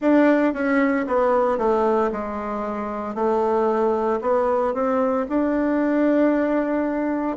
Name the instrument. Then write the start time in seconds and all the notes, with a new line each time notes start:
bassoon
0.00 D4
0.53 C#4
1.06 B3
1.58 A3
2.11 G#3
3.14 A3
4.21 B3
4.74 C4
5.28 D4